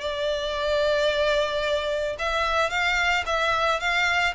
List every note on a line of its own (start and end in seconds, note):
0.00 2.16 D5
2.18 2.70 E5
2.70 3.24 F5
3.26 3.80 E5
3.80 4.34 F5